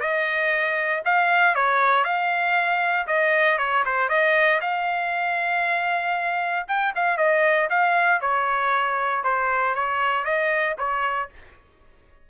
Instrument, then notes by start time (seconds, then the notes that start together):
trumpet
0.00 D#5
1.05 F5
1.55 C#5
2.04 F5
3.07 D#5
3.58 C#5
3.85 C5
4.09 D#5
4.61 F5
6.68 G5
6.95 F5
7.17 D#5
7.69 F5
8.21 C#5
9.24 C5
9.75 C#5
10.24 D#5
10.78 C#5